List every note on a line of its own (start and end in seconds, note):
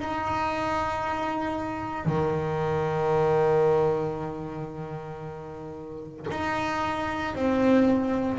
0.00 2.06 D#4
2.06 6.27 D#3
6.31 7.36 D#4
7.36 8.39 C4